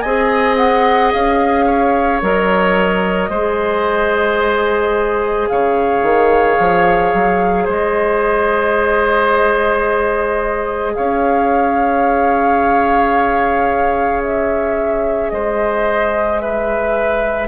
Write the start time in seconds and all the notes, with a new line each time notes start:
0.00 C4 G#4 D#5 G#5
0.57 F#5
1.13 C#4 F5
1.67 C#5
2.22 F#3 A#4 D#5
3.30 G#3 G#4 C5
5.48 C#3 C#5 F5
6.03 D#3
6.59 F3
7.13 F#3
7.65 G#3 C5 D#5
10.95 C#4 C#5 F5
14.23 E5
15.30 G#3 C5 D#5
16.39 B4 E5